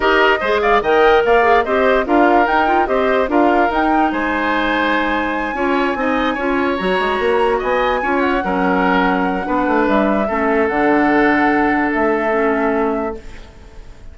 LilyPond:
<<
  \new Staff \with { instrumentName = "flute" } { \time 4/4 \tempo 4 = 146 dis''4. f''8 g''4 f''4 | dis''4 f''4 g''4 dis''4 | f''4 g''4 gis''2~ | gis''1~ |
gis''8 ais''2 gis''4. | fis''1 | e''2 fis''2~ | fis''4 e''2. | }
  \new Staff \with { instrumentName = "oboe" } { \time 4/4 ais'4 c''8 d''8 dis''4 d''4 | c''4 ais'2 c''4 | ais'2 c''2~ | c''4. cis''4 dis''4 cis''8~ |
cis''2~ cis''8 dis''4 cis''8~ | cis''8 ais'2~ ais'8 b'4~ | b'4 a'2.~ | a'1 | }
  \new Staff \with { instrumentName = "clarinet" } { \time 4/4 g'4 gis'4 ais'4. gis'8 | g'4 f'4 dis'8 f'8 g'4 | f'4 dis'2.~ | dis'4. f'4 dis'4 f'8~ |
f'8 fis'2. f'8~ | f'8 cis'2~ cis'8 d'4~ | d'4 cis'4 d'2~ | d'2 cis'2 | }
  \new Staff \with { instrumentName = "bassoon" } { \time 4/4 dis'4 gis4 dis4 ais4 | c'4 d'4 dis'4 c'4 | d'4 dis'4 gis2~ | gis4. cis'4 c'4 cis'8~ |
cis'8 fis8 gis8 ais4 b4 cis'8~ | cis'8 fis2~ fis8 b8 a8 | g4 a4 d2~ | d4 a2. | }
>>